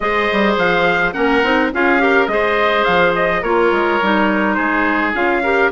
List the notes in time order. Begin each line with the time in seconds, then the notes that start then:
0.00 G#3 G#4 C5 D#5
0.32 G3
0.57 F3 F5
1.13 A#3 C#4 A#4 F#5
1.43 C4 D#4
1.73 C#4 F4 G#4 F5
1.98 G4 A#4
2.27 G#3 G#4 C5 D#5
2.83 F3 F5
3.15 D#5
3.42 A#3 F4 A#4 C#5
3.71 G#3
4.01 G3 D#4
4.54 G#3 G#4 C5
5.14 C#4 F4 F5
5.42 G4 A#4